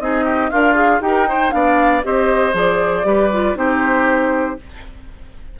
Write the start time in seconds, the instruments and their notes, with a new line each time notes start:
0.00 bassoon C4, clarinet D#4, oboe G#4, flute D#5
0.25 oboe G4
0.50 bassoon D4, oboe F4, clarinet A#4, flute F5
0.75 clarinet G#4
1.01 bassoon D#4, clarinet G4, flute G5
1.08 oboe A#4
1.27 clarinet D#4, oboe C5
1.51 bassoon B3, clarinet D4, oboe D5, flute F5
2.03 bassoon C4, clarinet G4, oboe C5, flute D#5
2.53 bassoon F3, clarinet G#4, flute D5
3.04 bassoon G3, clarinet G4, oboe B4
3.33 clarinet F4
3.55 bassoon C4, clarinet D#4, oboe G4, flute C5